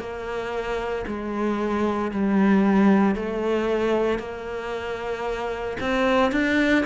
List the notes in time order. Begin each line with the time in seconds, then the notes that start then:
0.00 A#3
1.07 G#3
2.11 G3
3.15 A3
4.19 A#3
5.80 C4
6.32 D4